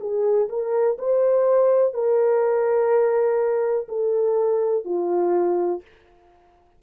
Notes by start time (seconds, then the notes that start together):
0.00 G#4
0.49 A#4
0.98 C5
1.94 A#4
3.88 A4
4.85 F4